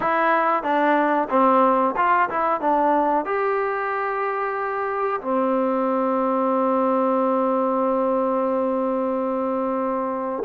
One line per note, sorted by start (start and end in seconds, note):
0.00 0.63 E4
0.63 1.28 D4
1.29 1.94 C4
1.96 2.29 F4
2.29 2.61 E4
2.61 3.25 D4
3.25 5.20 G4
5.21 10.43 C4